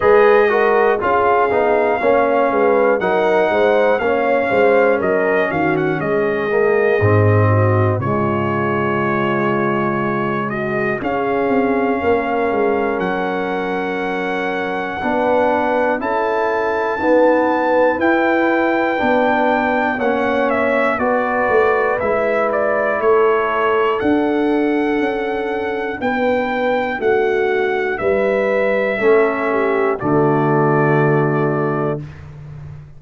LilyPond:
<<
  \new Staff \with { instrumentName = "trumpet" } { \time 4/4 \tempo 4 = 60 dis''4 f''2 fis''4 | f''4 dis''8 f''16 fis''16 dis''2 | cis''2~ cis''8 dis''8 f''4~ | f''4 fis''2. |
a''2 g''2 | fis''8 e''8 d''4 e''8 d''8 cis''4 | fis''2 g''4 fis''4 | e''2 d''2 | }
  \new Staff \with { instrumentName = "horn" } { \time 4/4 b'8 ais'8 gis'4 cis''8 b'8 ais'8 c''8 | cis''8 c''8 ais'8 fis'8 gis'4. fis'8 | f'2~ f'8 fis'8 gis'4 | ais'2. b'4 |
a'4 b'2. | cis''4 b'2 a'4~ | a'2 b'4 fis'4 | b'4 a'8 g'8 fis'2 | }
  \new Staff \with { instrumentName = "trombone" } { \time 4/4 gis'8 fis'8 f'8 dis'8 cis'4 dis'4 | cis'2~ cis'8 ais8 c'4 | gis2. cis'4~ | cis'2. d'4 |
e'4 b4 e'4 d'4 | cis'4 fis'4 e'2 | d'1~ | d'4 cis'4 a2 | }
  \new Staff \with { instrumentName = "tuba" } { \time 4/4 gis4 cis'8 b8 ais8 gis8 fis8 gis8 | ais8 gis8 fis8 dis8 gis4 gis,4 | cis2. cis'8 c'8 | ais8 gis8 fis2 b4 |
cis'4 dis'4 e'4 b4 | ais4 b8 a8 gis4 a4 | d'4 cis'4 b4 a4 | g4 a4 d2 | }
>>